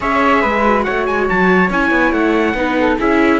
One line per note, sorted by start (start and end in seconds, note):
0.00 0.43 C#4
0.00 0.63 G#4
0.00 0.41 C#5
0.00 0.83 E5
0.41 0.86 G#3
0.41 0.84 B4
0.64 1.71 F#4
0.83 1.08 A3
0.83 2.55 C#5
0.83 1.05 F#5
1.05 1.29 G#3
1.05 1.27 G#5
1.28 1.70 F#3
1.28 1.71 A5
1.70 1.91 C#4
1.70 2.55 E4
1.70 2.12 G#5
1.91 2.12 B3
2.12 2.54 A3
2.12 2.98 F#5
2.54 2.96 B3
2.54 2.98 D#4
2.54 2.78 B4
2.79 2.98 A4
2.98 3.40 C#4
2.98 3.40 E4
2.98 3.40 G#4
2.98 3.40 E5